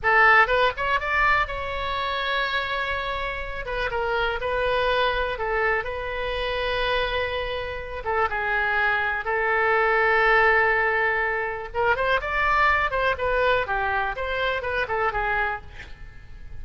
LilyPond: \new Staff \with { instrumentName = "oboe" } { \time 4/4 \tempo 4 = 123 a'4 b'8 cis''8 d''4 cis''4~ | cis''2.~ cis''8 b'8 | ais'4 b'2 a'4 | b'1~ |
b'8 a'8 gis'2 a'4~ | a'1 | ais'8 c''8 d''4. c''8 b'4 | g'4 c''4 b'8 a'8 gis'4 | }